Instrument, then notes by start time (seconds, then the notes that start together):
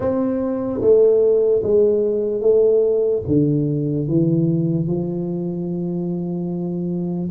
tuba
0.00 C4
0.81 A3
1.63 G#3
2.41 A3
3.27 D3
4.07 E3
4.87 F3